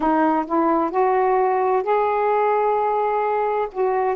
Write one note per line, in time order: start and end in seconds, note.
0.00 0.45 D#4
0.46 0.90 E4
0.90 1.83 F#4
1.83 3.68 G#4
3.72 4.15 F#4